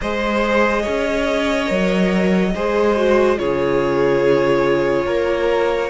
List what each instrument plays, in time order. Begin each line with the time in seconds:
0.01 cello G#3, viola G#4, violin C5 D#5
0.82 cello C#4, violin C#5
1.66 cello F#3, viola A#4
2.54 cello G#3, viola G#4, violin C5
2.96 viola F#4
3.36 cello C#3, viola F4, violin G#4 C#5
5.05 cello A#3, violin A#4